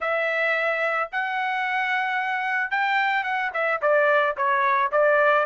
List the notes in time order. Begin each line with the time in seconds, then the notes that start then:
0.00 E5
1.12 F#5
2.70 G5
3.23 F#5
3.53 E5
3.81 D5
4.36 C#5
4.91 D5